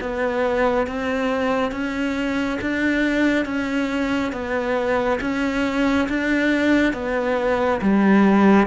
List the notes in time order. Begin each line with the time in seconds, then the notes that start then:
0.00 B3
0.86 C4
1.72 C#4
2.60 D4
3.45 C#4
4.32 B3
5.21 C#4
6.08 D4
6.93 B3
7.81 G3